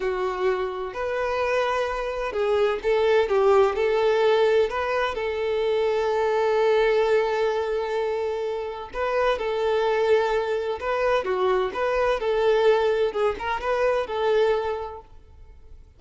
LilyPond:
\new Staff \with { instrumentName = "violin" } { \time 4/4 \tempo 4 = 128 fis'2 b'2~ | b'4 gis'4 a'4 g'4 | a'2 b'4 a'4~ | a'1~ |
a'2. b'4 | a'2. b'4 | fis'4 b'4 a'2 | gis'8 ais'8 b'4 a'2 | }